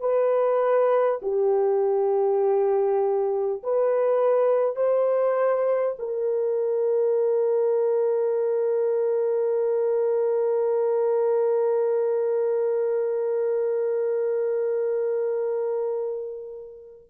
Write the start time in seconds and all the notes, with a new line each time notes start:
0.00 B4
1.22 G4
3.63 B4
4.76 C5
5.98 A#4